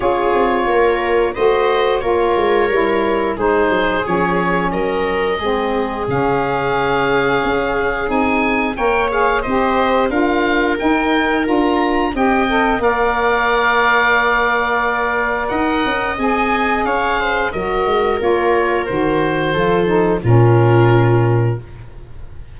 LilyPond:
<<
  \new Staff \with { instrumentName = "oboe" } { \time 4/4 \tempo 4 = 89 cis''2 dis''4 cis''4~ | cis''4 c''4 cis''4 dis''4~ | dis''4 f''2. | gis''4 g''8 f''8 dis''4 f''4 |
g''4 ais''4 g''4 f''4~ | f''2. fis''4 | gis''4 f''4 dis''4 cis''4 | c''2 ais'2 | }
  \new Staff \with { instrumentName = "viola" } { \time 4/4 gis'4 ais'4 c''4 ais'4~ | ais'4 gis'2 ais'4 | gis'1~ | gis'4 cis''4 c''4 ais'4~ |
ais'2 dis''4 d''4~ | d''2. dis''4~ | dis''4 cis''8 c''8 ais'2~ | ais'4 a'4 f'2 | }
  \new Staff \with { instrumentName = "saxophone" } { \time 4/4 f'2 fis'4 f'4 | e'4 dis'4 cis'2 | c'4 cis'2. | dis'4 ais'8 gis'8 g'4 f'4 |
dis'4 f'4 g'8 a'8 ais'4~ | ais'1 | gis'2 fis'4 f'4 | fis'4 f'8 dis'8 cis'2 | }
  \new Staff \with { instrumentName = "tuba" } { \time 4/4 cis'8 c'8 ais4 a4 ais8 gis8 | g4 gis8 fis8 f4 fis4 | gis4 cis2 cis'4 | c'4 ais4 c'4 d'4 |
dis'4 d'4 c'4 ais4~ | ais2. dis'8 cis'8 | c'4 cis'4 fis8 gis8 ais4 | dis4 f4 ais,2 | }
>>